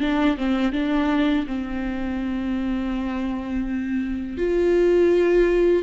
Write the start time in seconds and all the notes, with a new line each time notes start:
0.00 D4
0.38 C4
0.73 D4
1.47 C4
4.38 F4